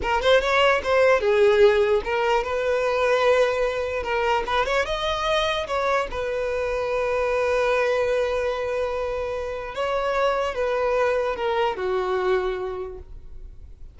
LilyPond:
\new Staff \with { instrumentName = "violin" } { \time 4/4 \tempo 4 = 148 ais'8 c''8 cis''4 c''4 gis'4~ | gis'4 ais'4 b'2~ | b'2 ais'4 b'8 cis''8 | dis''2 cis''4 b'4~ |
b'1~ | b'1 | cis''2 b'2 | ais'4 fis'2. | }